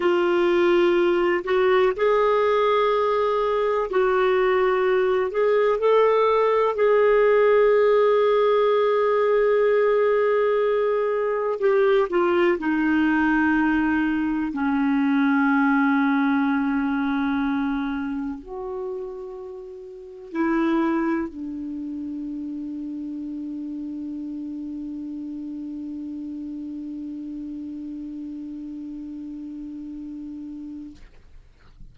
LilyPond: \new Staff \with { instrumentName = "clarinet" } { \time 4/4 \tempo 4 = 62 f'4. fis'8 gis'2 | fis'4. gis'8 a'4 gis'4~ | gis'1 | g'8 f'8 dis'2 cis'4~ |
cis'2. fis'4~ | fis'4 e'4 d'2~ | d'1~ | d'1 | }